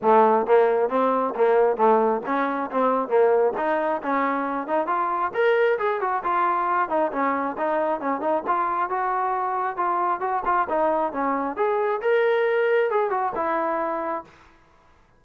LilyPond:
\new Staff \with { instrumentName = "trombone" } { \time 4/4 \tempo 4 = 135 a4 ais4 c'4 ais4 | a4 cis'4 c'4 ais4 | dis'4 cis'4. dis'8 f'4 | ais'4 gis'8 fis'8 f'4. dis'8 |
cis'4 dis'4 cis'8 dis'8 f'4 | fis'2 f'4 fis'8 f'8 | dis'4 cis'4 gis'4 ais'4~ | ais'4 gis'8 fis'8 e'2 | }